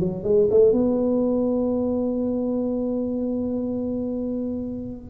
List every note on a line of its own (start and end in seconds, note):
0.00 0.24 F#3
0.24 0.49 G#3
0.51 0.72 A3
0.72 5.11 B3